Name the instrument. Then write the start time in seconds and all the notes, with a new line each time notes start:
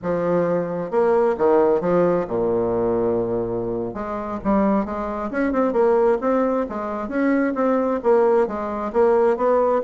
bassoon
0.02 F3
0.90 A#3
1.37 D#3
1.80 F3
2.27 A#2
3.94 G#3
4.44 G3
4.85 G#3
5.30 C#4
5.52 C4
5.73 A#3
6.21 C4
6.69 G#3
7.08 C#4
7.54 C4
8.03 A#3
8.47 G#3
8.93 A#3
9.36 B3